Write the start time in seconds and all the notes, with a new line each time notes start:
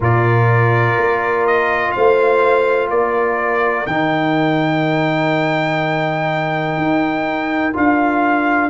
0.00 A#2 F4 A#4 D5
0.97 A#3
1.46 D#5
1.91 A3 C5 F5
2.89 A#3 A#4 D5
3.86 D#3 D#4 G5
6.77 D#4
7.73 D4 F4 F5